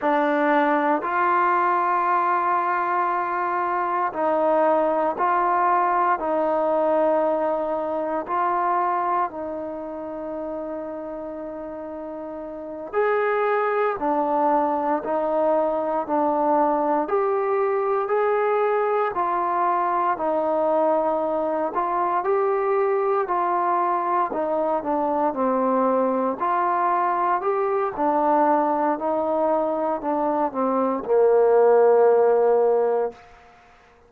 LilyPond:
\new Staff \with { instrumentName = "trombone" } { \time 4/4 \tempo 4 = 58 d'4 f'2. | dis'4 f'4 dis'2 | f'4 dis'2.~ | dis'8 gis'4 d'4 dis'4 d'8~ |
d'8 g'4 gis'4 f'4 dis'8~ | dis'4 f'8 g'4 f'4 dis'8 | d'8 c'4 f'4 g'8 d'4 | dis'4 d'8 c'8 ais2 | }